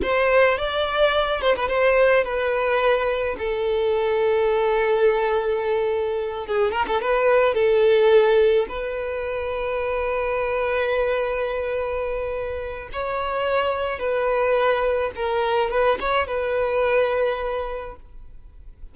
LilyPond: \new Staff \with { instrumentName = "violin" } { \time 4/4 \tempo 4 = 107 c''4 d''4. c''16 b'16 c''4 | b'2 a'2~ | a'2.~ a'8 gis'8 | ais'16 a'16 b'4 a'2 b'8~ |
b'1~ | b'2. cis''4~ | cis''4 b'2 ais'4 | b'8 cis''8 b'2. | }